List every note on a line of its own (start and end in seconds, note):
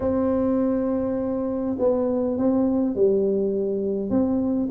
0.00 1.76 C4
1.79 2.37 B3
2.37 2.95 C4
2.95 4.09 G3
4.09 4.68 C4